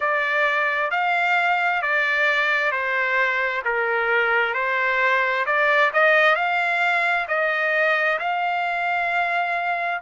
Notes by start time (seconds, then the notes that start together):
0.00 D5
0.90 F5
1.82 D5
2.71 C5
3.64 A#4
4.54 C5
5.45 D5
5.93 D#5
6.35 F5
7.27 D#5
8.19 F5